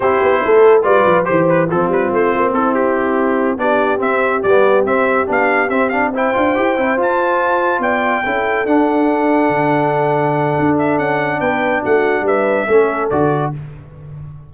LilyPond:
<<
  \new Staff \with { instrumentName = "trumpet" } { \time 4/4 \tempo 4 = 142 c''2 d''4 c''8 b'8 | a'8 b'8 c''4 a'8 g'4.~ | g'8 d''4 e''4 d''4 e''8~ | e''8 f''4 e''8 f''8 g''4.~ |
g''8 a''2 g''4.~ | g''8 fis''2.~ fis''8~ | fis''4. e''8 fis''4 g''4 | fis''4 e''2 d''4 | }
  \new Staff \with { instrumentName = "horn" } { \time 4/4 g'4 a'4 b'4 c''4 | f'2 e'2~ | e'8 g'2.~ g'8~ | g'2~ g'8 c''4.~ |
c''2~ c''8 d''4 a'8~ | a'1~ | a'2. b'4 | fis'4 b'4 a'2 | }
  \new Staff \with { instrumentName = "trombone" } { \time 4/4 e'2 f'4 g'4 | c'1~ | c'8 d'4 c'4 b4 c'8~ | c'8 d'4 c'8 d'8 e'8 f'8 g'8 |
e'8 f'2. e'8~ | e'8 d'2.~ d'8~ | d'1~ | d'2 cis'4 fis'4 | }
  \new Staff \with { instrumentName = "tuba" } { \time 4/4 c'8 b8 a4 g8 f8 e4 | f8 g8 a8 ais8 c'2~ | c'8 b4 c'4 g4 c'8~ | c'8 b4 c'4. d'8 e'8 |
c'8 f'2 b4 cis'8~ | cis'8 d'2 d4.~ | d4 d'4 cis'4 b4 | a4 g4 a4 d4 | }
>>